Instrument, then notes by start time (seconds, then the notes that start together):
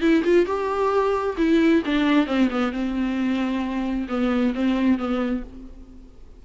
viola
0.00 E4
0.24 F4
0.45 G4
1.37 E4
1.85 D4
2.26 C4
2.50 B3
2.72 C4
4.08 B3
4.54 C4
4.98 B3